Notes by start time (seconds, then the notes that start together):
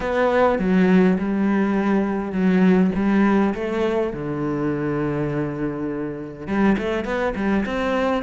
0.00 B3
0.58 F#3
1.18 G3
2.32 F#3
2.95 G3
3.54 A3
4.13 D3
6.47 G3
6.78 A3
7.04 B3
7.35 G3
7.65 C4